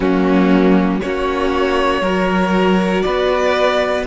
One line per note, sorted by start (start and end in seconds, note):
0.00 1.00 F#3
0.00 1.02 A#3
0.00 1.02 C#4
0.00 1.00 F#4
1.00 2.01 A#3
1.00 2.04 C#4
1.00 2.02 F#4
1.00 3.02 C#5
2.01 3.02 F#3
2.01 4.06 F#4
2.01 3.03 A#4
3.02 4.06 B3
3.02 4.06 B4
3.02 4.03 D5